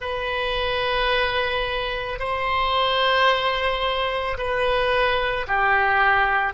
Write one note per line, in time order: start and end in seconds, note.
0.00 2.19 B4
2.19 4.37 C5
4.37 5.46 B4
5.47 6.53 G4